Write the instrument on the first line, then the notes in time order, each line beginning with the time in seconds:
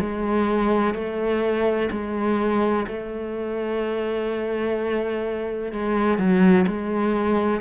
cello
0.00 G#3
0.94 A3
1.91 G#3
2.87 A3
5.73 G#3
6.19 F#3
6.68 G#3